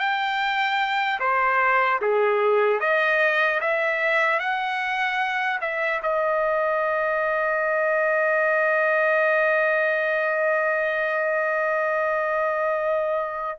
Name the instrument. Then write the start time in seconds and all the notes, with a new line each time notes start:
trumpet
0.00 G5
1.20 C5
2.02 G#4
2.80 D#5
3.61 E5
4.40 F#5
5.61 E5
6.03 D#5